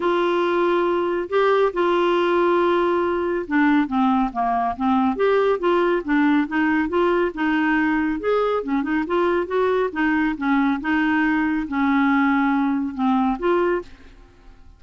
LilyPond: \new Staff \with { instrumentName = "clarinet" } { \time 4/4 \tempo 4 = 139 f'2. g'4 | f'1 | d'4 c'4 ais4 c'4 | g'4 f'4 d'4 dis'4 |
f'4 dis'2 gis'4 | cis'8 dis'8 f'4 fis'4 dis'4 | cis'4 dis'2 cis'4~ | cis'2 c'4 f'4 | }